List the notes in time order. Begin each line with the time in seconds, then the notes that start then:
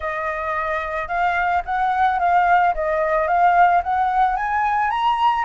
0.00 D#5
1.08 F5
1.65 F#5
2.19 F5
2.74 D#5
3.27 F5
3.83 F#5
4.36 G#5
4.90 A#5